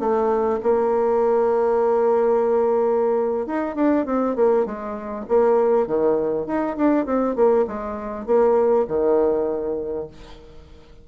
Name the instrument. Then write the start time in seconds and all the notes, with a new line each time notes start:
bassoon
0.00 A3
0.63 A#3
3.47 D#4
3.76 D4
4.06 C4
4.36 A#3
4.66 G#3
5.29 A#3
5.87 D#3
6.47 D#4
6.77 D4
7.06 C4
7.36 A#3
7.68 G#3
8.27 A#3
8.88 D#3